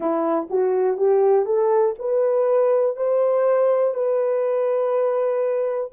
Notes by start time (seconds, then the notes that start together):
0.00 E4
0.50 F#4
0.97 G4
1.45 A4
1.99 B4
2.96 C5
3.94 B4